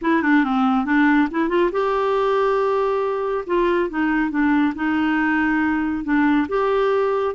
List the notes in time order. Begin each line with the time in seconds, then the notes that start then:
0.01 E4
0.22 D4
0.44 C4
0.85 D4
1.31 E4
1.49 F4
1.72 G4
3.46 F4
3.89 D#4
4.30 D4
4.75 D#4
6.04 D4
6.48 G4